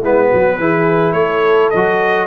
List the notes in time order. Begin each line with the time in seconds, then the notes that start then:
0.00 G#3 B3 E4 B4
0.29 F#3 F#4
0.59 E3 E4 G#4
1.13 A3 A4 C#5
1.70 F#3 F#4 D#5